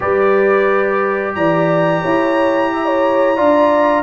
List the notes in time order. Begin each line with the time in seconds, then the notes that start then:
0.00 G3 G4 B4 D5
1.34 E3 D5 A#5
2.01 E4 C#5
2.72 E5
2.85 C#5
3.36 D4 F4 D5